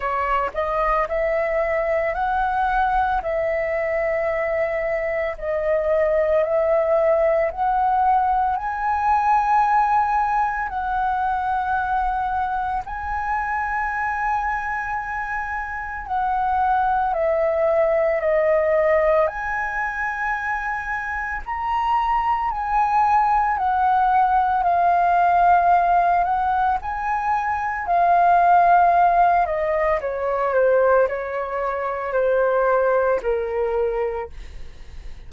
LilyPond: \new Staff \with { instrumentName = "flute" } { \time 4/4 \tempo 4 = 56 cis''8 dis''8 e''4 fis''4 e''4~ | e''4 dis''4 e''4 fis''4 | gis''2 fis''2 | gis''2. fis''4 |
e''4 dis''4 gis''2 | ais''4 gis''4 fis''4 f''4~ | f''8 fis''8 gis''4 f''4. dis''8 | cis''8 c''8 cis''4 c''4 ais'4 | }